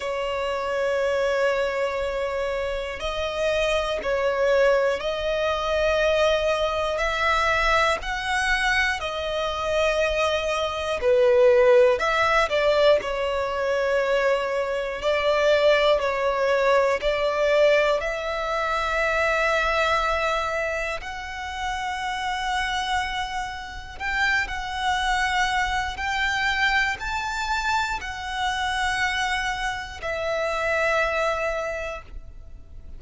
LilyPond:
\new Staff \with { instrumentName = "violin" } { \time 4/4 \tempo 4 = 60 cis''2. dis''4 | cis''4 dis''2 e''4 | fis''4 dis''2 b'4 | e''8 d''8 cis''2 d''4 |
cis''4 d''4 e''2~ | e''4 fis''2. | g''8 fis''4. g''4 a''4 | fis''2 e''2 | }